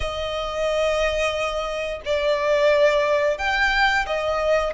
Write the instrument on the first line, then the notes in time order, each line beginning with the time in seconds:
violin
0.00 D#5
2.05 D5
3.38 G5
4.06 D#5